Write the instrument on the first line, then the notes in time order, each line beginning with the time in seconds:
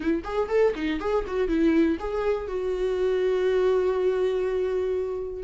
viola
0.00 E4
0.24 G#4
0.48 A4
0.75 D#4
1.00 G#4
1.27 F#4
1.47 E4
1.99 G#4
2.47 F#4